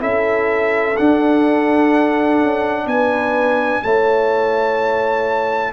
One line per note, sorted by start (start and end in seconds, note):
0.00 0.97 C#4
0.00 0.95 E4
0.00 2.86 A4
0.00 0.97 E5
0.97 3.83 D4
0.97 2.42 D4
0.97 2.87 F#5
2.42 2.86 C#4
2.86 3.82 B3
2.86 3.83 B4
2.86 3.83 G#5
3.83 5.73 A3
3.83 5.73 E4
3.83 5.73 C#5
3.83 5.73 A5